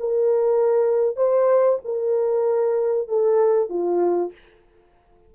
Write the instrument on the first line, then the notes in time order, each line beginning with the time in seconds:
horn
0.00 A#4
1.17 C5
1.85 A#4
3.09 A4
3.70 F4